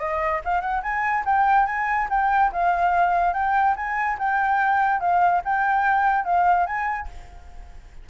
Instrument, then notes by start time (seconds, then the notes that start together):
flute
0.00 D#5
0.45 F5
0.61 F#5
0.83 G#5
1.26 G5
1.67 G#5
2.10 G5
2.53 F5
3.34 G5
3.77 G#5
4.19 G5
5.01 F5
5.45 G5
6.25 F5
6.67 G#5